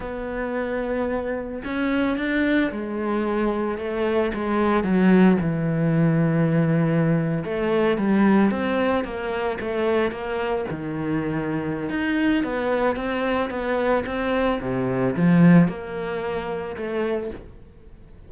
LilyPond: \new Staff \with { instrumentName = "cello" } { \time 4/4 \tempo 4 = 111 b2. cis'4 | d'4 gis2 a4 | gis4 fis4 e2~ | e4.~ e16 a4 g4 c'16~ |
c'8. ais4 a4 ais4 dis16~ | dis2 dis'4 b4 | c'4 b4 c'4 c4 | f4 ais2 a4 | }